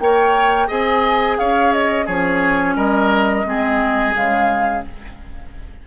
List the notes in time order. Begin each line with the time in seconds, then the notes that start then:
0.00 A#3 A#4 C#5 G5
0.68 C4 G#4 D#5 G#5
1.38 C#4 C#5 F5
1.72 D#5
2.05 F3 C#4 G#4 C#5
2.76 G3 A#4 D#5
3.44 G#3 C4 G#4
4.13 C#3 G#3 F5